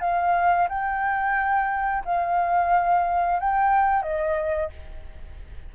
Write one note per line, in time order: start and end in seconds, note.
0.00 0.67 F5
0.69 2.03 G5
2.04 3.39 F5
3.39 4.02 G5
4.02 4.69 D#5